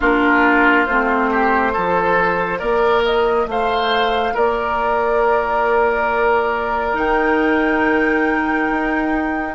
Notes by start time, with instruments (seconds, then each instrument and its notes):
0.00 bassoon A#3, clarinet D4, oboe F4, flute A#4
0.85 bassoon A3, clarinet C4, flute C5
1.31 oboe G4
1.72 bassoon F3, clarinet F4, oboe A4
2.59 bassoon A#3, oboe A#4, flute D5
3.05 flute D#5
3.46 bassoon A3, oboe C5, flute F5
4.34 bassoon A#3, oboe A#4, flute D5
6.93 bassoon D#3, clarinet D#4, flute G5
8.70 bassoon D#4